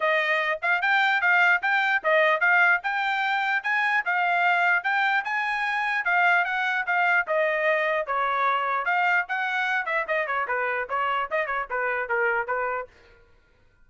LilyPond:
\new Staff \with { instrumentName = "trumpet" } { \time 4/4 \tempo 4 = 149 dis''4. f''8 g''4 f''4 | g''4 dis''4 f''4 g''4~ | g''4 gis''4 f''2 | g''4 gis''2 f''4 |
fis''4 f''4 dis''2 | cis''2 f''4 fis''4~ | fis''8 e''8 dis''8 cis''8 b'4 cis''4 | dis''8 cis''8 b'4 ais'4 b'4 | }